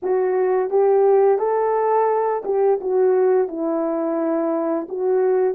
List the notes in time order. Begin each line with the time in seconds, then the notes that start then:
0.02 F#4
0.70 G4
1.38 A4
2.45 G4
2.80 F#4
3.48 E4
4.88 F#4